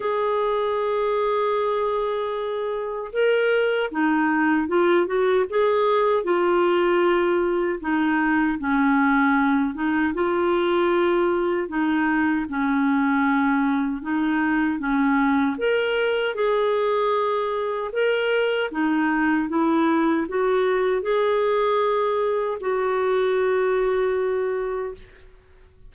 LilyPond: \new Staff \with { instrumentName = "clarinet" } { \time 4/4 \tempo 4 = 77 gis'1 | ais'4 dis'4 f'8 fis'8 gis'4 | f'2 dis'4 cis'4~ | cis'8 dis'8 f'2 dis'4 |
cis'2 dis'4 cis'4 | ais'4 gis'2 ais'4 | dis'4 e'4 fis'4 gis'4~ | gis'4 fis'2. | }